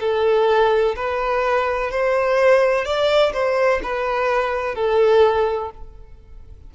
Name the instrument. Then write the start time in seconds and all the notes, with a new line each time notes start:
violin
0.00 A4
0.96 B4
1.91 C5
2.85 D5
3.33 C5
3.83 B4
4.75 A4